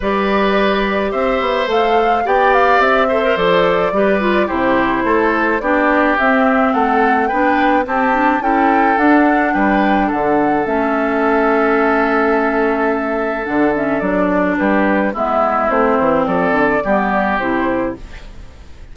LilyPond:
<<
  \new Staff \with { instrumentName = "flute" } { \time 4/4 \tempo 4 = 107 d''2 e''4 f''4 | g''8 f''8 e''4 d''2 | c''2 d''4 e''4 | fis''4 g''4 a''4 g''4 |
fis''4 g''4 fis''4 e''4~ | e''1 | fis''8 e''8 d''4 b'4 e''4 | c''4 d''2 c''4 | }
  \new Staff \with { instrumentName = "oboe" } { \time 4/4 b'2 c''2 | d''4. c''4. b'4 | g'4 a'4 g'2 | a'4 b'4 g'4 a'4~ |
a'4 b'4 a'2~ | a'1~ | a'2 g'4 e'4~ | e'4 a'4 g'2 | }
  \new Staff \with { instrumentName = "clarinet" } { \time 4/4 g'2. a'4 | g'4. a'16 ais'16 a'4 g'8 f'8 | e'2 d'4 c'4~ | c'4 d'4 c'8 d'8 e'4 |
d'2. cis'4~ | cis'1 | d'8 cis'8 d'2 b4 | c'2 b4 e'4 | }
  \new Staff \with { instrumentName = "bassoon" } { \time 4/4 g2 c'8 b8 a4 | b4 c'4 f4 g4 | c4 a4 b4 c'4 | a4 b4 c'4 cis'4 |
d'4 g4 d4 a4~ | a1 | d4 fis4 g4 gis4 | a8 e8 f8 d8 g4 c4 | }
>>